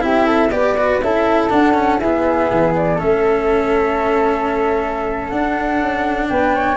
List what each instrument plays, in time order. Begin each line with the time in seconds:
0.00 tuba C4, cello E4, flute G4 E5
0.26 flute A4
0.50 tuba B3, cello G4, flute B4 D5
0.78 cello F#4
1.01 tuba C#4, cello E4, flute A4 E5
1.50 cello D4, tuba D4, flute F#5
1.74 cello C#4
1.99 cello B3, tuba E4, flute G#4 E5
2.51 tuba E3
2.75 flute D5
2.95 tuba A3, cello C#4, flute A4 E5
5.28 tuba D4, cello D4, flute F#5
5.81 tuba C#4
6.29 tuba B3, flute B4 G5
6.56 flute C#5